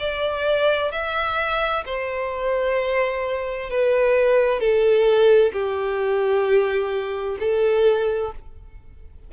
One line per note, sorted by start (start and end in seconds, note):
0.00 0.92 D5
0.92 1.85 E5
1.86 3.70 C5
3.70 4.60 B4
4.60 5.53 A4
5.53 7.38 G4
7.40 8.32 A4